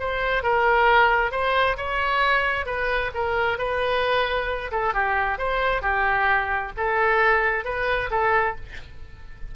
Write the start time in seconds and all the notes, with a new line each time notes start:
0.00 C5
0.43 A#4
1.32 C5
1.77 C#5
2.66 B4
3.14 A#4
3.58 B4
4.71 A4
4.94 G4
5.38 C5
5.82 G4
6.77 A4
7.65 B4
8.11 A4